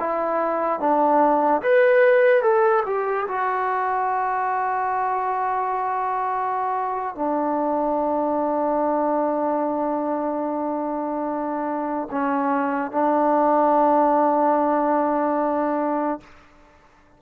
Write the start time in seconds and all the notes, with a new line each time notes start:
0.00 E4
0.80 D4
1.62 B4
2.42 A4
2.86 G4
3.28 F#4
7.15 D4
12.11 C#4
12.92 D4